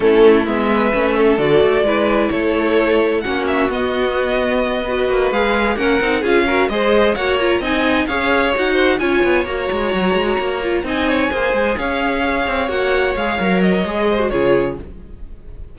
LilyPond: <<
  \new Staff \with { instrumentName = "violin" } { \time 4/4 \tempo 4 = 130 a'4 e''2 d''4~ | d''4 cis''2 fis''8 e''8 | dis''2.~ dis''8 f''8~ | f''8 fis''4 f''4 dis''4 fis''8 |
ais''8 gis''4 f''4 fis''4 gis''8~ | gis''8 ais''2. gis''8~ | gis''4. f''2 fis''8~ | fis''8 f''4 dis''4. cis''4 | }
  \new Staff \with { instrumentName = "violin" } { \time 4/4 e'4. b'4 a'4. | b'4 a'2 fis'4~ | fis'2~ fis'8 b'4.~ | b'8 ais'4 gis'8 ais'8 c''4 cis''8~ |
cis''8 dis''4 cis''4. c''8 cis''8~ | cis''2.~ cis''8 dis''8 | cis''8 c''4 cis''2~ cis''8~ | cis''2~ cis''8 c''8 gis'4 | }
  \new Staff \with { instrumentName = "viola" } { \time 4/4 cis'4 b4 cis'4 fis'4 | e'2. cis'4 | b2~ b8 fis'4 gis'8~ | gis'8 cis'8 dis'8 f'8 fis'8 gis'4 fis'8 |
f'8 dis'4 gis'4 fis'4 f'8~ | f'8 fis'2~ fis'8 f'8 dis'8~ | dis'8 gis'2. fis'8~ | fis'8 gis'8 ais'4 gis'8. fis'16 f'4 | }
  \new Staff \with { instrumentName = "cello" } { \time 4/4 a4 gis4 a4 d8 a8 | gis4 a2 ais4 | b2. ais8 gis8~ | gis8 ais8 c'8 cis'4 gis4 ais8~ |
ais8 c'4 cis'4 dis'4 cis'8 | b8 ais8 gis8 fis8 gis8 ais4 c'8~ | c'8 ais8 gis8 cis'4. c'8 ais8~ | ais8 gis8 fis4 gis4 cis4 | }
>>